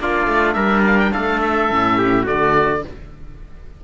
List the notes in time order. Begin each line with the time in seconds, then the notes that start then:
0.00 A#3 D4 F4 D5
0.27 A3
0.53 G3 A#4 E5
0.87 F5
1.00 G5
1.13 A3 A4 F5
1.42 E5
1.71 A2 C#4
1.98 G4
2.23 D3 A3 F#4 D5